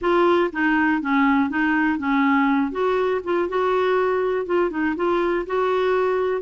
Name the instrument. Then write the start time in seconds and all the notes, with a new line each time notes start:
clarinet
0.01 F4
0.52 D#4
1.01 C#4
1.49 D#4
1.98 C#4
2.71 F#4
3.23 F4
3.48 F#4
4.46 F4
4.70 D#4
4.96 F4
5.46 F#4